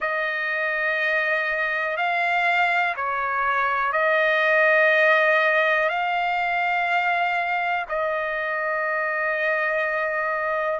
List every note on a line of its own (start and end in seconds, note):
0.00 1.97 D#5
1.97 2.95 F5
2.96 3.92 C#5
3.92 5.89 D#5
5.89 7.86 F5
7.89 10.79 D#5